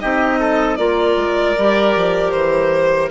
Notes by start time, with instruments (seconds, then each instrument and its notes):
0.00 bassoon C4, clarinet D#4, oboe G4, violin D#5
0.39 oboe A4
0.77 bassoon A#3, clarinet F4, oboe A#4, violin D5
1.17 bassoon G#3
1.58 bassoon G3, clarinet G4
1.96 bassoon F3
2.31 bassoon E3, violin C5